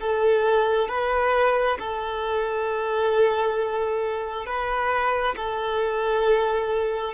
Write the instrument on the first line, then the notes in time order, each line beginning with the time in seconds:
violin
0.00 A4
0.88 B4
1.78 A4
4.45 B4
5.36 A4